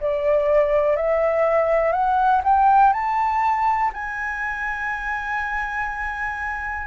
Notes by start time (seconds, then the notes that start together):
0.00 D5
0.96 E5
1.92 F#5
2.44 G5
2.93 A5
3.93 G#5